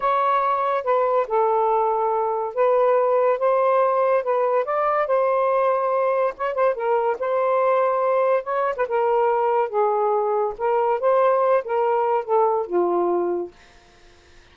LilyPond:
\new Staff \with { instrumentName = "saxophone" } { \time 4/4 \tempo 4 = 142 cis''2 b'4 a'4~ | a'2 b'2 | c''2 b'4 d''4 | c''2. cis''8 c''8 |
ais'4 c''2. | cis''8. b'16 ais'2 gis'4~ | gis'4 ais'4 c''4. ais'8~ | ais'4 a'4 f'2 | }